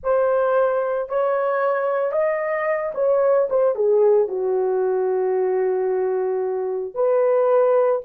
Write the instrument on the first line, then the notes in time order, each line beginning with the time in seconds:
horn
0.03 C5
1.08 C#5
2.12 D#5
2.94 C#5
3.49 C5
3.75 G#4
4.28 F#4
6.94 B4